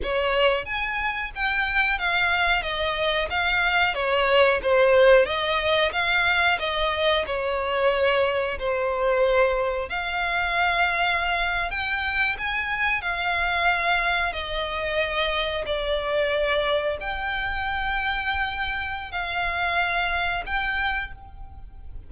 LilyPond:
\new Staff \with { instrumentName = "violin" } { \time 4/4 \tempo 4 = 91 cis''4 gis''4 g''4 f''4 | dis''4 f''4 cis''4 c''4 | dis''4 f''4 dis''4 cis''4~ | cis''4 c''2 f''4~ |
f''4.~ f''16 g''4 gis''4 f''16~ | f''4.~ f''16 dis''2 d''16~ | d''4.~ d''16 g''2~ g''16~ | g''4 f''2 g''4 | }